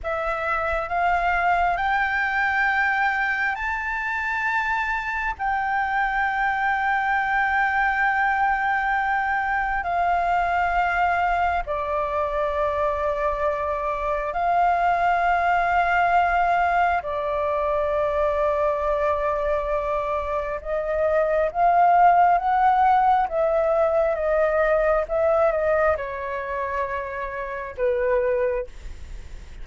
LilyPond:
\new Staff \with { instrumentName = "flute" } { \time 4/4 \tempo 4 = 67 e''4 f''4 g''2 | a''2 g''2~ | g''2. f''4~ | f''4 d''2. |
f''2. d''4~ | d''2. dis''4 | f''4 fis''4 e''4 dis''4 | e''8 dis''8 cis''2 b'4 | }